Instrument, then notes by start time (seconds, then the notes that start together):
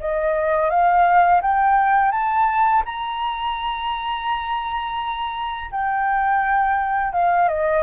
flute
0.00 D#5
0.70 F5
1.42 G5
2.11 A5
2.85 A#5
5.71 G5
7.13 F5
7.48 D#5